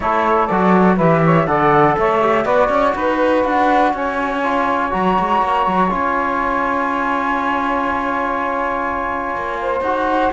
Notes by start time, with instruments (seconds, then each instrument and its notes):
0.00 cello A3, trombone E4, saxophone A4, flute C#5
0.47 cello F#3, trombone F#4, flute D5
0.96 cello E3, trombone G4, saxophone B4, flute E5
1.24 saxophone C#5
1.46 cello D3, trombone A4, saxophone D5, flute F#5
1.97 cello A3, saxophone C#5, flute E5
2.21 trombone G4
2.44 cello B3, trombone F#4, saxophone B4, flute D5
2.69 cello C#4, saxophone C#5
2.94 cello D#4, saxophone B4, flute B4
3.44 cello D4, flute F#5
3.93 cello C#4, saxophone C#5, flute G#5
4.43 trombone F4
4.90 cello F#3, trombone F#4, flute A#5
5.19 cello G#3
5.42 cello A#3
5.66 cello F#3
5.89 cello C#4, trombone F4, flute G#5
9.35 cello A#3
9.61 saxophone C5
9.80 cello D#4, trombone F#4, flute F#5